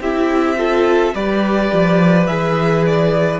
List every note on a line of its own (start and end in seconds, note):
0.00 1.13 C4
0.00 0.57 E4
0.00 0.57 G4
0.00 1.14 E5
0.57 1.13 F4
0.57 1.14 A4
1.14 1.70 G3
1.14 2.27 G4
1.14 3.40 B4
1.14 2.26 D5
1.72 2.27 F3
2.26 3.40 E3
2.26 3.40 G#4
2.26 2.83 E5
2.85 3.40 D5